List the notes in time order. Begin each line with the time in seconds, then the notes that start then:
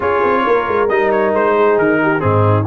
0.00 C#4 F4 G#4 C#5
0.23 C4
0.44 A#3 A#4
0.67 G#3
0.88 G3 D#4 D#5
1.11 C#5
1.33 G#3 C5
1.54 G#4
1.78 D#3 A#4
2.02 G4
2.19 G#2 C4 D#4 G#4